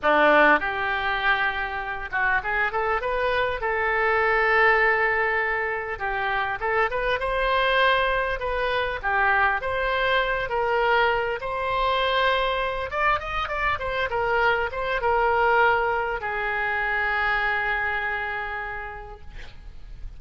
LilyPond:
\new Staff \with { instrumentName = "oboe" } { \time 4/4 \tempo 4 = 100 d'4 g'2~ g'8 fis'8 | gis'8 a'8 b'4 a'2~ | a'2 g'4 a'8 b'8 | c''2 b'4 g'4 |
c''4. ais'4. c''4~ | c''4. d''8 dis''8 d''8 c''8 ais'8~ | ais'8 c''8 ais'2 gis'4~ | gis'1 | }